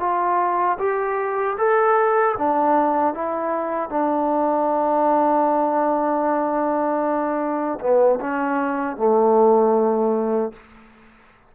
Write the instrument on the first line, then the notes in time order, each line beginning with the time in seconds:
trombone
0.00 F4
0.79 G4
1.58 A4
2.38 D4
3.14 E4
3.90 D4
7.80 B3
8.21 C#4
8.97 A3